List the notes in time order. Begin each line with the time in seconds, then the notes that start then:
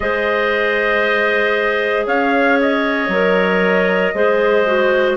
0.00 G#3 G#4 C5 D#5
2.06 C#4 C#5 F5
2.61 D#5
3.08 F#3 A#4
4.14 G#3 G#4 C5
4.66 F#4